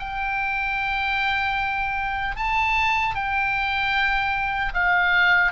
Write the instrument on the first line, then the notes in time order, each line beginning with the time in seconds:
oboe
0.00 G5
2.37 A5
3.15 G5
4.74 F5